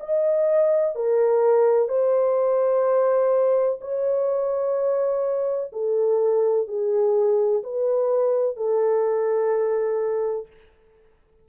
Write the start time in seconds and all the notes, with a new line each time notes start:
0.00 D#5
0.95 A#4
1.88 C5
3.81 C#5
5.72 A4
6.68 G#4
7.63 B4
8.57 A4